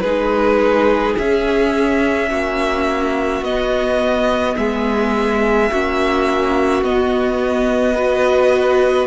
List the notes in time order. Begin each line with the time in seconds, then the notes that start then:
0.00 G#3 D#4 G#4 B4
1.18 C#4 E5
2.29 A#3 F#4
3.41 B3 D#5
4.57 G#3 G#4 E5
5.71 A#3 C#4 F#4
6.82 B3 D#5
7.94 F#4 B4